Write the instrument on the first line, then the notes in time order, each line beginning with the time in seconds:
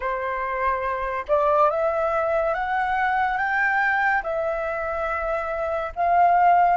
flute
0.00 C5
1.28 D5
1.70 E5
2.54 F#5
3.37 G5
4.23 E5
5.95 F5